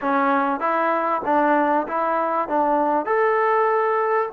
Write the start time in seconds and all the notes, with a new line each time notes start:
0.01 C#4
0.60 E4
1.25 D4
1.87 E4
2.48 D4
3.05 A4